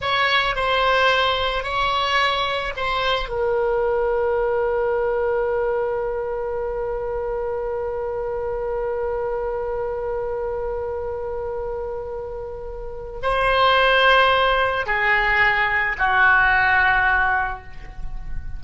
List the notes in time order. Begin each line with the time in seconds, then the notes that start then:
0.01 C#5
0.55 C5
1.63 C#5
2.76 C5
3.28 A#4
13.22 C5
14.86 G#4
15.98 F#4